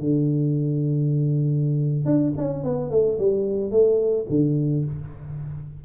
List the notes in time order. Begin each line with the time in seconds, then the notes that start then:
0.00 D3
2.05 D4
2.37 C#4
2.64 B3
2.90 A3
3.19 G3
3.71 A3
4.30 D3